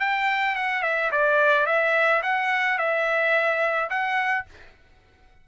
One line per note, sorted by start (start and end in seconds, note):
0.00 0.56 G5
0.56 0.83 F#5
0.83 1.11 E5
1.12 1.66 D5
1.66 2.22 E5
2.22 2.78 F#5
2.78 3.89 E5
3.90 4.45 F#5